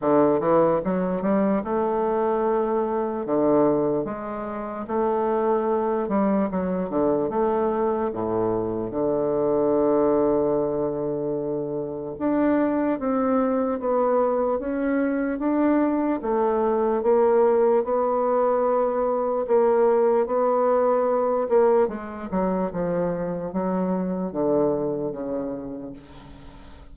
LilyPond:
\new Staff \with { instrumentName = "bassoon" } { \time 4/4 \tempo 4 = 74 d8 e8 fis8 g8 a2 | d4 gis4 a4. g8 | fis8 d8 a4 a,4 d4~ | d2. d'4 |
c'4 b4 cis'4 d'4 | a4 ais4 b2 | ais4 b4. ais8 gis8 fis8 | f4 fis4 d4 cis4 | }